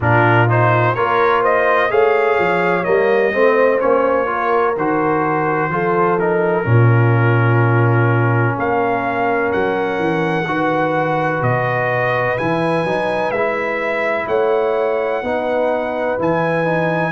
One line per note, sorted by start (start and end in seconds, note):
0.00 0.94 A#2
0.00 0.48 D4
0.00 0.94 F4
0.00 0.49 A#4
0.48 0.95 D#4
0.48 0.94 C5
0.94 1.91 A#3
0.94 1.89 F4
0.94 1.41 A#4
0.94 1.42 C#5
1.41 1.89 C5
1.41 1.91 D#5
1.89 2.38 A3
1.89 2.84 G#4
1.89 3.34 C#5
1.89 2.84 F5
2.38 2.86 F3
2.84 3.34 G3
2.84 3.32 A#3
2.84 3.79 D#5
3.32 3.82 A3
3.32 3.79 C4
3.32 4.29 C5
3.79 4.77 A#3
3.79 4.26 C#4
3.79 4.75 C#5
4.26 4.73 F4
4.26 5.71 A#4
4.77 5.69 D#3
4.77 5.70 F#4
4.77 6.19 C5
5.69 6.64 F3
5.69 6.18 F4
5.69 6.67 A4
6.19 6.64 D#4
6.19 8.57 A#4
6.64 8.56 A#2
6.64 10.45 C#4
6.64 8.56 F4
8.56 9.52 A#3
8.56 10.46 A#4
8.56 9.52 F5
9.52 9.98 F#3
9.52 11.42 F#5
9.98 10.45 E3
10.45 11.40 D#3
10.45 12.37 F#4
10.45 14.27 B4
11.41 12.36 B2
11.41 12.37 D#5
12.38 12.84 E3
12.38 12.86 E4
12.38 13.31 G#5
12.84 13.30 F#3
12.84 13.33 D#4
13.30 14.25 G#3
13.30 15.24 E4
13.30 14.26 E5
14.27 15.22 A3
14.27 15.22 C#5
14.27 16.18 F#5
15.22 16.17 B3
15.22 16.18 D#4
15.22 17.12 B4
16.18 17.12 E3
16.18 16.64 E4
16.18 17.12 G#5
16.64 17.12 D#4